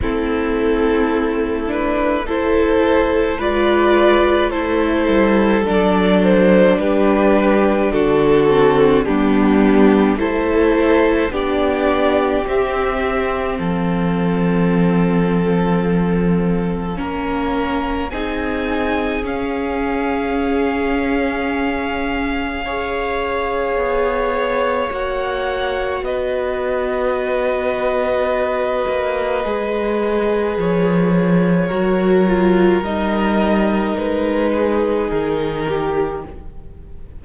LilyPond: <<
  \new Staff \with { instrumentName = "violin" } { \time 4/4 \tempo 4 = 53 a'4. b'8 c''4 d''4 | c''4 d''8 c''8 b'4 a'4 | g'4 c''4 d''4 e''4 | f''1 |
gis''4 f''2.~ | f''2 fis''4 dis''4~ | dis''2. cis''4~ | cis''4 dis''4 b'4 ais'4 | }
  \new Staff \with { instrumentName = "violin" } { \time 4/4 e'2 a'4 b'4 | a'2 g'4 fis'4 | d'4 a'4 g'2 | a'2. ais'4 |
gis'1 | cis''2. b'4~ | b'1 | ais'2~ ais'8 gis'4 g'8 | }
  \new Staff \with { instrumentName = "viola" } { \time 4/4 c'4. d'8 e'4 f'4 | e'4 d'2~ d'8 c'8 | b4 e'4 d'4 c'4~ | c'2. cis'4 |
dis'4 cis'2. | gis'2 fis'2~ | fis'2 gis'2 | fis'8 f'8 dis'2. | }
  \new Staff \with { instrumentName = "cello" } { \time 4/4 a2. gis4 | a8 g8 fis4 g4 d4 | g4 a4 b4 c'4 | f2. ais4 |
c'4 cis'2.~ | cis'4 b4 ais4 b4~ | b4. ais8 gis4 f4 | fis4 g4 gis4 dis4 | }
>>